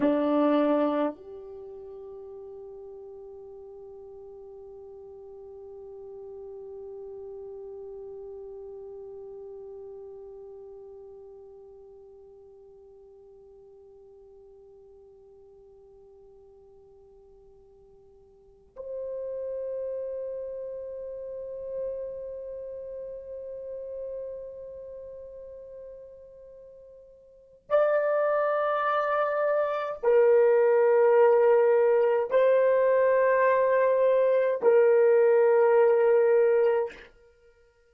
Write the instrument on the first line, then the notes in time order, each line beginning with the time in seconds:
horn
0.00 D4
1.15 G4
18.76 C5
27.69 D5
30.03 A#4
32.30 C5
34.62 A#4